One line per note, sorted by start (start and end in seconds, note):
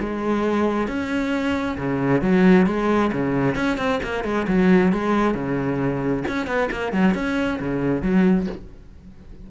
0.00 0.88 G#3
0.88 1.77 C#4
1.78 2.22 C#3
2.22 2.67 F#3
2.67 3.12 G#3
3.13 3.56 C#3
3.56 3.78 C#4
3.78 4.00 C4
4.04 4.24 A#3
4.24 4.47 G#3
4.48 4.93 F#3
4.93 5.34 G#3
5.34 6.24 C#3
6.28 6.47 C#4
6.47 6.69 B3
6.72 6.93 A#3
6.93 7.15 F#3
7.15 7.60 C#4
7.60 8.03 C#3
8.03 8.47 F#3